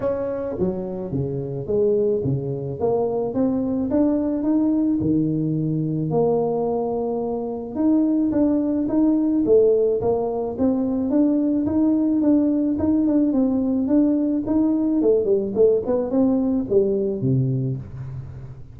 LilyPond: \new Staff \with { instrumentName = "tuba" } { \time 4/4 \tempo 4 = 108 cis'4 fis4 cis4 gis4 | cis4 ais4 c'4 d'4 | dis'4 dis2 ais4~ | ais2 dis'4 d'4 |
dis'4 a4 ais4 c'4 | d'4 dis'4 d'4 dis'8 d'8 | c'4 d'4 dis'4 a8 g8 | a8 b8 c'4 g4 c4 | }